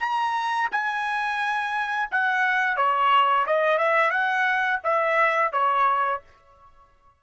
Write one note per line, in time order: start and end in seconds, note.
0.00 0.69 A#5
0.71 2.09 G#5
2.11 2.77 F#5
2.77 3.46 C#5
3.46 3.78 D#5
3.78 4.11 E5
4.11 4.80 F#5
4.83 5.52 E5
5.52 6.21 C#5